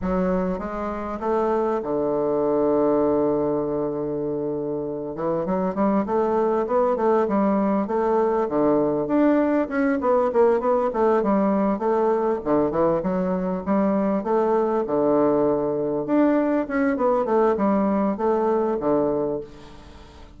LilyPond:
\new Staff \with { instrumentName = "bassoon" } { \time 4/4 \tempo 4 = 99 fis4 gis4 a4 d4~ | d1~ | d8 e8 fis8 g8 a4 b8 a8 | g4 a4 d4 d'4 |
cis'8 b8 ais8 b8 a8 g4 a8~ | a8 d8 e8 fis4 g4 a8~ | a8 d2 d'4 cis'8 | b8 a8 g4 a4 d4 | }